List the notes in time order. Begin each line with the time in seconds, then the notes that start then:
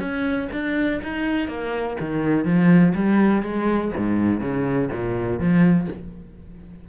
0.00 C#4
0.53 D4
1.04 D#4
1.49 A#3
2.01 D#3
2.45 F3
2.95 G3
3.43 G#3
3.98 G#2
4.41 C#3
4.92 A#2
5.40 F3